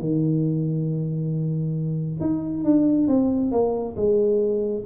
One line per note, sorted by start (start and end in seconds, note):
0.00 2.21 D#3
2.21 2.64 D#4
2.64 3.08 D4
3.08 3.52 C4
3.52 3.96 A#3
3.96 4.84 G#3